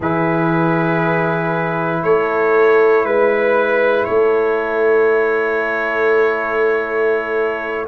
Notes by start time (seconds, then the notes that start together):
0.00 E3 E4 G#4 B4
2.03 A3 A4 C#5
3.03 G#3 B4
4.04 A3 A4 C#5